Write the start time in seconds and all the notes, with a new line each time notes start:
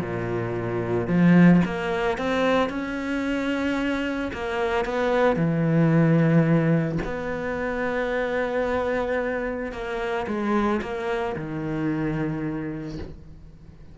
0.00 A#2
1.07 F3
1.65 A#3
2.18 C4
2.70 C#4
4.33 A#3
4.85 B3
5.36 E3
7.05 B3
9.72 A#3
10.27 G#3
10.82 A#3
11.36 D#3